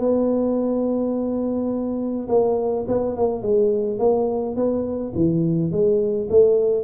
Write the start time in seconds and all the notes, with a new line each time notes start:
0.00 B3
2.29 A#3
2.88 B3
3.17 A#3
3.43 G#3
3.99 A#3
4.56 B3
5.16 E3
5.72 G#3
6.30 A3